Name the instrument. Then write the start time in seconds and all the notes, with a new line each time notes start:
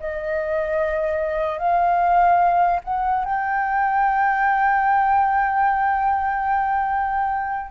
flute
0.00 D#5
1.58 F5
2.84 F#5
3.25 G5